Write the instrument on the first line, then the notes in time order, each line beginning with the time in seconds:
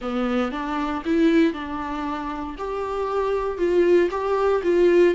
viola
0.01 B3
0.51 D4
1.05 E4
1.53 D4
2.58 G4
3.58 F4
4.10 G4
4.63 F4